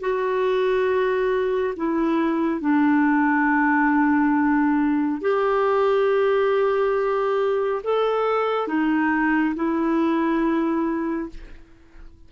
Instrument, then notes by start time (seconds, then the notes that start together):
clarinet
0.00 F#4
1.76 E4
2.60 D4
5.21 G4
7.83 A4
8.67 D#4
9.55 E4